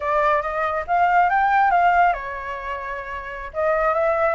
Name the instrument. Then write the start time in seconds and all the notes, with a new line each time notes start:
flute
0.00 D5
0.42 D#5
0.87 F5
1.29 G5
1.70 F5
2.13 C#5
3.53 D#5
3.94 E5